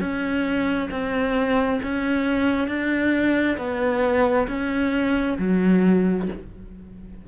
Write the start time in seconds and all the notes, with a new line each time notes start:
0.00 C#4
0.90 C4
1.82 C#4
2.67 D4
3.57 B3
4.48 C#4
5.39 F#3